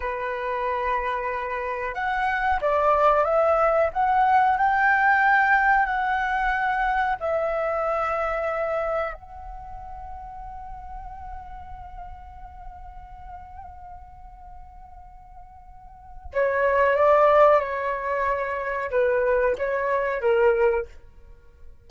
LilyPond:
\new Staff \with { instrumentName = "flute" } { \time 4/4 \tempo 4 = 92 b'2. fis''4 | d''4 e''4 fis''4 g''4~ | g''4 fis''2 e''4~ | e''2 fis''2~ |
fis''1~ | fis''1~ | fis''4 cis''4 d''4 cis''4~ | cis''4 b'4 cis''4 ais'4 | }